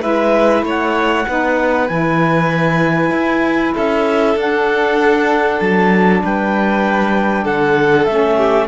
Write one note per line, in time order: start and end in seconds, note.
0.00 0.63 G#3
0.00 1.24 E4
0.00 0.64 B4
0.00 0.64 E5
0.63 1.24 A3
0.63 1.27 C#5
0.69 1.88 F#5
1.27 1.89 B3
1.27 1.87 D#4
1.27 3.74 B4
1.87 3.11 E3
1.87 4.35 E4
1.87 3.73 G#5
3.11 3.72 E4
3.74 4.35 C#4
3.74 6.21 A4
3.74 4.38 E5
4.35 5.59 D4
4.35 8.07 D4
4.35 5.60 F#5
5.60 6.22 F#3
5.60 6.22 A5
6.23 7.45 G3
6.23 7.44 B4
6.23 7.45 G5
7.44 8.07 D3
7.44 8.37 A4
7.44 8.05 F#5
8.05 8.68 A3
8.05 8.68 C#4
8.05 8.67 E5
8.37 8.68 G4